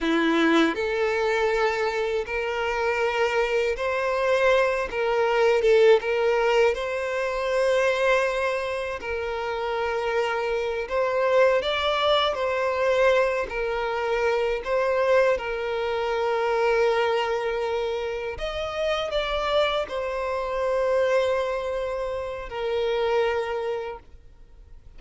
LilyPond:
\new Staff \with { instrumentName = "violin" } { \time 4/4 \tempo 4 = 80 e'4 a'2 ais'4~ | ais'4 c''4. ais'4 a'8 | ais'4 c''2. | ais'2~ ais'8 c''4 d''8~ |
d''8 c''4. ais'4. c''8~ | c''8 ais'2.~ ais'8~ | ais'8 dis''4 d''4 c''4.~ | c''2 ais'2 | }